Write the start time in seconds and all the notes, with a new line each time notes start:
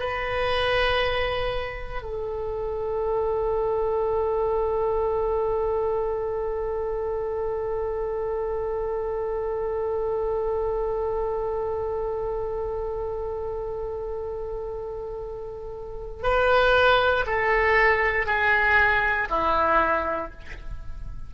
0.00 B4
2.02 A4
16.23 B4
17.27 A4
18.26 G#4
19.30 E4